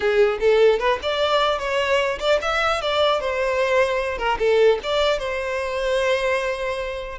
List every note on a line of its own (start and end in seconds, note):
0.00 0.39 G#4
0.39 0.79 A4
0.79 0.99 B4
1.02 1.58 D5
1.58 2.18 C#5
2.19 2.39 D5
2.41 2.81 E5
2.81 3.20 D5
3.20 4.18 C5
4.18 4.38 A#4
4.38 4.78 A4
4.83 5.19 D5
5.19 7.19 C5